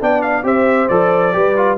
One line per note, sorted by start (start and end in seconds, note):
0.00 0.43 B3
0.00 0.43 D4
0.00 0.45 D5
0.00 0.22 G5
0.22 0.44 F5
0.43 0.88 C4
0.43 0.88 G4
0.43 1.35 C5
0.43 0.88 E5
0.88 1.35 F3
0.88 1.32 A4
0.88 1.78 D5
1.32 1.78 G3
1.32 1.55 G4
1.32 1.78 B4
1.56 1.78 F4